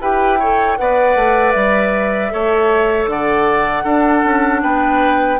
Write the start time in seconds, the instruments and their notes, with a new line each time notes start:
0.00 bassoon E4, clarinet G4, oboe B4, flute G5
0.39 clarinet A4, oboe C#5
0.78 bassoon B3, clarinet B4, oboe D5, flute F#5
1.15 bassoon A3
1.52 bassoon G3, flute E5
2.30 bassoon A3, clarinet A4, oboe C#5
3.06 bassoon D3, oboe D5, flute F#5
3.84 bassoon D4, clarinet D4, oboe A4
4.25 bassoon C#4
4.63 bassoon B3, oboe B4, flute G5